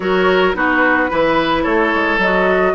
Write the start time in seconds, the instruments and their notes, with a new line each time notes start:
0.00 bassoon F#3, clarinet F#4, oboe A#4, flute C#5
0.54 bassoon B3, clarinet D#4, oboe F#4, flute B4
1.09 bassoon E3, clarinet E4, oboe B4
1.62 bassoon A3, oboe A4, flute C#5
1.94 bassoon G#3
2.18 bassoon F#3, clarinet F#4, flute D#5